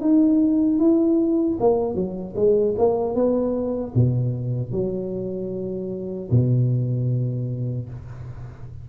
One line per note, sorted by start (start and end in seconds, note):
0.00 0.79 D#4
0.79 1.58 E4
1.60 1.94 A#3
1.94 2.34 F#3
2.35 2.75 G#3
2.78 3.14 A#3
3.14 3.93 B3
3.94 4.72 B2
4.72 6.29 F#3
6.31 7.88 B2